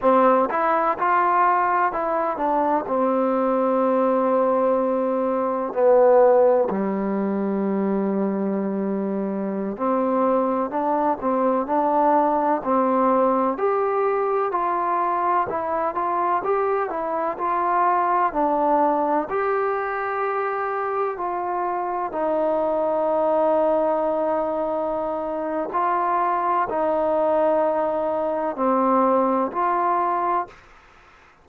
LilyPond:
\new Staff \with { instrumentName = "trombone" } { \time 4/4 \tempo 4 = 63 c'8 e'8 f'4 e'8 d'8 c'4~ | c'2 b4 g4~ | g2~ g16 c'4 d'8 c'16~ | c'16 d'4 c'4 g'4 f'8.~ |
f'16 e'8 f'8 g'8 e'8 f'4 d'8.~ | d'16 g'2 f'4 dis'8.~ | dis'2. f'4 | dis'2 c'4 f'4 | }